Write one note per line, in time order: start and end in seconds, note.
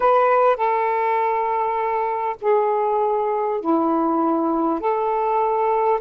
0.00 0.56 B4
0.56 2.36 A4
2.41 3.60 G#4
3.60 4.79 E4
4.79 5.99 A4